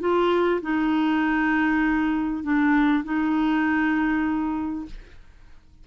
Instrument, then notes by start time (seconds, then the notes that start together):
clarinet
0.00 F4
0.61 D#4
2.43 D4
3.04 D#4